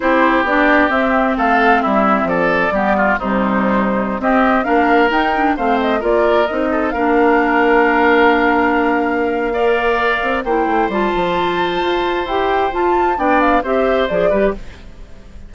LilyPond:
<<
  \new Staff \with { instrumentName = "flute" } { \time 4/4 \tempo 4 = 132 c''4 d''4 e''4 f''4 | e''4 d''2 c''4~ | c''4~ c''16 dis''4 f''4 g''8.~ | g''16 f''8 dis''8 d''4 dis''4 f''8.~ |
f''1~ | f''2. g''4 | a''2. g''4 | a''4 g''8 f''8 e''4 d''4 | }
  \new Staff \with { instrumentName = "oboe" } { \time 4/4 g'2. a'4 | e'4 a'4 g'8 f'8 dis'4~ | dis'4~ dis'16 g'4 ais'4.~ ais'16~ | ais'16 c''4 ais'4. a'8 ais'8.~ |
ais'1~ | ais'4 d''2 c''4~ | c''1~ | c''4 d''4 c''4. b'8 | }
  \new Staff \with { instrumentName = "clarinet" } { \time 4/4 e'4 d'4 c'2~ | c'2 b4 g4~ | g4~ g16 c'4 d'4 dis'8 d'16~ | d'16 c'4 f'4 dis'4 d'8.~ |
d'1~ | d'4 ais'2 e'4 | f'2. g'4 | f'4 d'4 g'4 gis'8 g'8 | }
  \new Staff \with { instrumentName = "bassoon" } { \time 4/4 c'4 b4 c'4 a4 | g4 f4 g4 c4~ | c4~ c16 c'4 ais4 dis'8.~ | dis'16 a4 ais4 c'4 ais8.~ |
ais1~ | ais2~ ais8 c'8 ais8 a8 | g8 f4. f'4 e'4 | f'4 b4 c'4 f8 g8 | }
>>